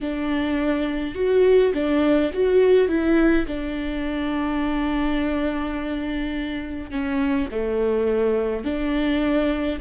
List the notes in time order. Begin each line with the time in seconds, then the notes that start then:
0.01 D4
1.15 F#4
1.73 D4
2.33 F#4
2.88 E4
3.47 D4
6.90 C#4
7.51 A3
8.64 D4